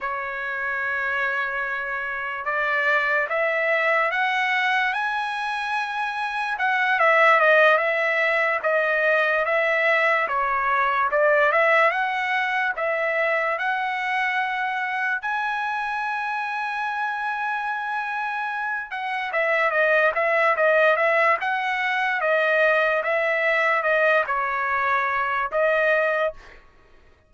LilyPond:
\new Staff \with { instrumentName = "trumpet" } { \time 4/4 \tempo 4 = 73 cis''2. d''4 | e''4 fis''4 gis''2 | fis''8 e''8 dis''8 e''4 dis''4 e''8~ | e''8 cis''4 d''8 e''8 fis''4 e''8~ |
e''8 fis''2 gis''4.~ | gis''2. fis''8 e''8 | dis''8 e''8 dis''8 e''8 fis''4 dis''4 | e''4 dis''8 cis''4. dis''4 | }